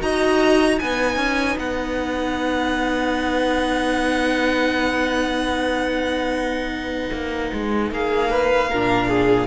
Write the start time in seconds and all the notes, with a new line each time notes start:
0.00 D#4 F#4 D#5 A#5
0.79 B3 D#4 B4 G#5
1.17 C#4
1.58 B3 F#5
7.13 A#3
7.54 G#3
7.91 A#3 G#4 F5
8.31 B4
8.69 A#2 D4 A#4
9.09 G#4